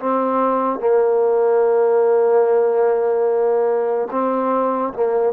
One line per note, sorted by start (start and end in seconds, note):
0.00 0.80 C4
0.80 4.09 A#3
4.12 4.94 C4
4.94 5.33 A#3